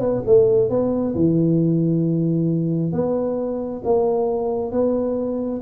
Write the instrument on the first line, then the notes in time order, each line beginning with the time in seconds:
tuba
0.00 B3
0.26 A3
0.70 B3
1.15 E3
2.92 B3
3.84 A#3
4.71 B3